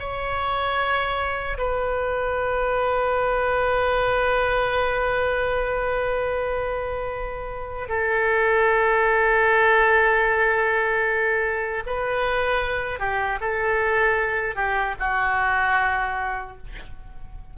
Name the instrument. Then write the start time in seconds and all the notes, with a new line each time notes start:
oboe
0.00 C#5
1.58 B4
7.89 A4
11.86 B4
13.00 G4
13.41 A4
14.56 G4
15.00 F#4